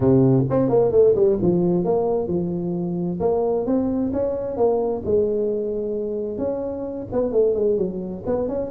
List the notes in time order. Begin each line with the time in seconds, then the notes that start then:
0.00 C3
0.50 C4
0.69 A#3
0.91 A3
1.15 G3
1.41 F3
1.84 A#3
2.27 F3
3.20 A#3
3.66 C4
4.12 C#4
4.56 A#3
5.05 G#3
6.38 C#4
7.12 B3
7.32 A3
7.54 G#3
7.77 F#3
8.25 B3
8.48 C#4